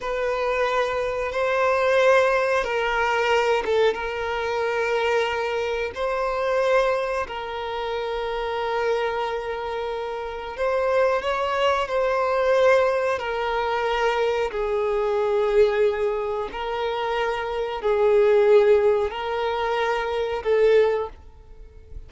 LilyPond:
\new Staff \with { instrumentName = "violin" } { \time 4/4 \tempo 4 = 91 b'2 c''2 | ais'4. a'8 ais'2~ | ais'4 c''2 ais'4~ | ais'1 |
c''4 cis''4 c''2 | ais'2 gis'2~ | gis'4 ais'2 gis'4~ | gis'4 ais'2 a'4 | }